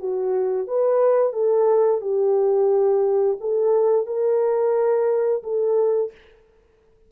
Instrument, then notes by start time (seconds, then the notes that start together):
horn
0.00 F#4
0.68 B4
1.34 A4
2.02 G4
3.41 A4
4.07 A#4
5.44 A4